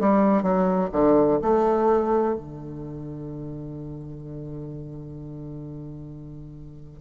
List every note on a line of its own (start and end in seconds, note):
0.00 0.43 G3
0.43 0.90 F#3
0.93 1.40 D3
1.42 2.35 A3
2.35 7.01 D3